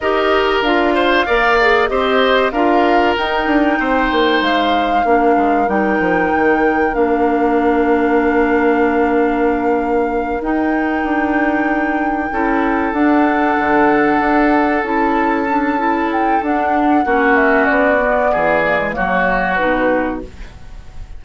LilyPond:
<<
  \new Staff \with { instrumentName = "flute" } { \time 4/4 \tempo 4 = 95 dis''4 f''2 dis''4 | f''4 g''2 f''4~ | f''4 g''2 f''4~ | f''1~ |
f''8 g''2.~ g''8~ | g''8 fis''2. a''8~ | a''4. g''8 fis''4. e''8 | d''2 cis''4 b'4 | }
  \new Staff \with { instrumentName = "oboe" } { \time 4/4 ais'4. c''8 d''4 c''4 | ais'2 c''2 | ais'1~ | ais'1~ |
ais'2.~ ais'8 a'8~ | a'1~ | a'2. fis'4~ | fis'4 gis'4 fis'2 | }
  \new Staff \with { instrumentName = "clarinet" } { \time 4/4 g'4 f'4 ais'8 gis'8 g'4 | f'4 dis'2. | d'4 dis'2 d'4~ | d'1~ |
d'8 dis'2. e'8~ | e'8 d'2. e'8~ | e'8 d'8 e'4 d'4 cis'4~ | cis'8 b4 ais16 gis16 ais4 dis'4 | }
  \new Staff \with { instrumentName = "bassoon" } { \time 4/4 dis'4 d'4 ais4 c'4 | d'4 dis'8 d'8 c'8 ais8 gis4 | ais8 gis8 g8 f8 dis4 ais4~ | ais1~ |
ais8 dis'4 d'2 cis'8~ | cis'8 d'4 d4 d'4 cis'8~ | cis'2 d'4 ais4 | b4 e4 fis4 b,4 | }
>>